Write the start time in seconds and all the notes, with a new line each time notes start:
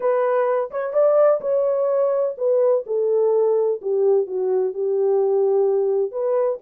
0.00 B4
0.70 C#5
0.93 D5
1.40 C#5
2.37 B4
2.86 A4
3.81 G4
4.26 F#4
4.73 G4
6.11 B4